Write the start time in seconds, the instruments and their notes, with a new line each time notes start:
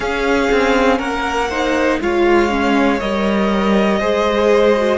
0.00 cello C#4, viola C#4, violin G#4 F5
0.51 cello C4
0.97 cello A#3, violin A#4 F#5
1.49 viola D#4, violin C5
2.00 cello G#3, viola F4, violin C#5 F5
2.49 viola C#4
2.99 cello G3, viola A#4, violin D#5
3.99 cello G#3, viola G#4, violin C5
4.76 viola F#4